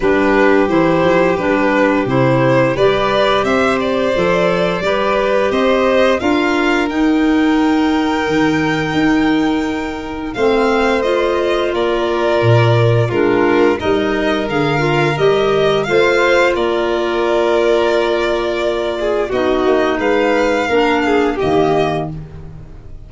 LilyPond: <<
  \new Staff \with { instrumentName = "violin" } { \time 4/4 \tempo 4 = 87 b'4 c''4 b'4 c''4 | d''4 e''8 d''2~ d''8 | dis''4 f''4 g''2~ | g''2. f''4 |
dis''4 d''2 ais'4 | dis''4 f''4 dis''4 f''4 | d''1 | dis''4 f''2 dis''4 | }
  \new Staff \with { instrumentName = "violin" } { \time 4/4 g'1 | b'4 c''2 b'4 | c''4 ais'2.~ | ais'2. c''4~ |
c''4 ais'2 f'4 | ais'2. c''4 | ais'2.~ ais'8 gis'8 | fis'4 b'4 ais'8 gis'8 g'4 | }
  \new Staff \with { instrumentName = "clarinet" } { \time 4/4 d'4 e'4 d'4 e'4 | g'2 a'4 g'4~ | g'4 f'4 dis'2~ | dis'2. c'4 |
f'2. d'4 | dis'4 gis'8 f'8 g'4 f'4~ | f'1 | dis'2 d'4 ais4 | }
  \new Staff \with { instrumentName = "tuba" } { \time 4/4 g4 e8 f8 g4 c4 | g4 c'4 f4 g4 | c'4 d'4 dis'2 | dis4 dis'2 a4~ |
a4 ais4 ais,4 gis4 | g4 d4 g4 a4 | ais1 | b8 ais8 gis4 ais4 dis4 | }
>>